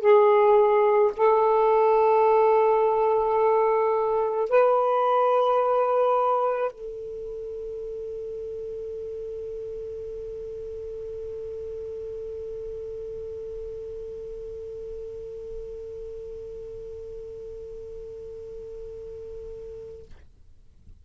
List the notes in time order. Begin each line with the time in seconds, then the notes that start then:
0.00 G#4
1.16 A4
4.49 B4
6.71 A4